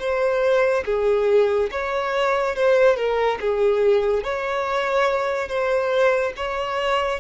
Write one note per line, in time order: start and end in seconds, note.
0.00 0.85 C5
0.86 1.70 G#4
1.71 2.56 C#5
2.56 2.97 C5
2.97 3.39 A#4
3.41 4.24 G#4
4.24 5.49 C#5
5.49 6.33 C5
6.36 7.21 C#5